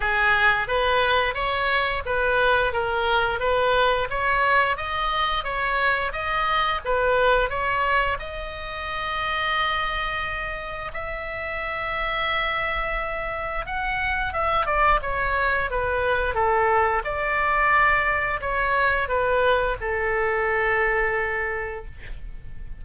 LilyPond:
\new Staff \with { instrumentName = "oboe" } { \time 4/4 \tempo 4 = 88 gis'4 b'4 cis''4 b'4 | ais'4 b'4 cis''4 dis''4 | cis''4 dis''4 b'4 cis''4 | dis''1 |
e''1 | fis''4 e''8 d''8 cis''4 b'4 | a'4 d''2 cis''4 | b'4 a'2. | }